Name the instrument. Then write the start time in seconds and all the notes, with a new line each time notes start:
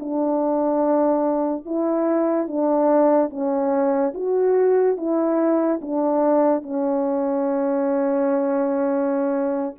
horn
0.00 D4
1.65 E4
2.47 D4
3.30 C#4
4.14 F#4
4.97 E4
5.81 D4
6.62 C#4